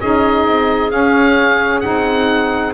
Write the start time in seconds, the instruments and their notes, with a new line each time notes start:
0.00 double bass C#4, saxophone D#4, clarinet G#4, oboe D#5
0.46 double bass C4
0.90 saxophone C#4, double bass C#4, oboe F5
1.80 double bass C4, saxophone D#4, oboe F#5